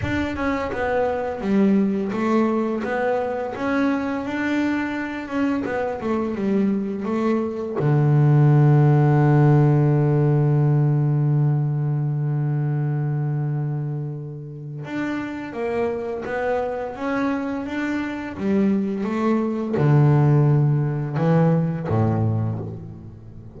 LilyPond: \new Staff \with { instrumentName = "double bass" } { \time 4/4 \tempo 4 = 85 d'8 cis'8 b4 g4 a4 | b4 cis'4 d'4. cis'8 | b8 a8 g4 a4 d4~ | d1~ |
d1~ | d4 d'4 ais4 b4 | cis'4 d'4 g4 a4 | d2 e4 a,4 | }